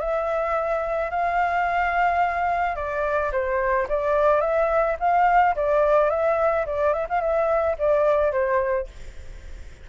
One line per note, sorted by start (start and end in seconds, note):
0.00 1.11 E5
1.11 2.76 F5
2.76 3.32 D5
3.32 3.88 C5
3.89 4.41 D5
4.41 4.97 E5
5.00 5.56 F5
5.56 6.11 D5
6.11 6.66 E5
6.66 6.93 D5
6.93 7.07 E5
7.10 7.21 F5
7.21 7.77 E5
7.79 8.32 D5
8.32 8.88 C5